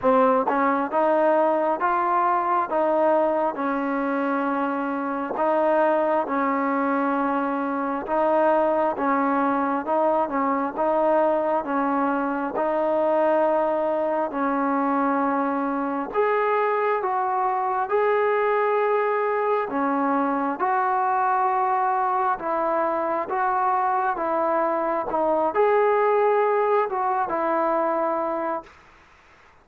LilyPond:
\new Staff \with { instrumentName = "trombone" } { \time 4/4 \tempo 4 = 67 c'8 cis'8 dis'4 f'4 dis'4 | cis'2 dis'4 cis'4~ | cis'4 dis'4 cis'4 dis'8 cis'8 | dis'4 cis'4 dis'2 |
cis'2 gis'4 fis'4 | gis'2 cis'4 fis'4~ | fis'4 e'4 fis'4 e'4 | dis'8 gis'4. fis'8 e'4. | }